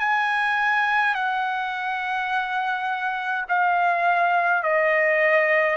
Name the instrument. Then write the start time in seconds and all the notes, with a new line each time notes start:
trumpet
0.00 G#5
1.15 F#5
3.49 F5
4.64 D#5